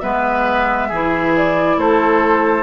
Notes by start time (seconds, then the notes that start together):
0.00 G#3 B3 B4 E5
0.88 E3 E4 G#4
1.36 D5
1.77 A3 A4 C5